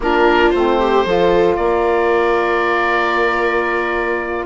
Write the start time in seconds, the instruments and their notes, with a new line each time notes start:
0.00 bassoon A#3, saxophone D4, viola F4, oboe A#4
0.50 bassoon A3, saxophone C4, oboe C5
0.79 viola G4
1.05 bassoon F3, saxophone F4, viola A4
1.56 bassoon A#3, viola A#4, oboe D5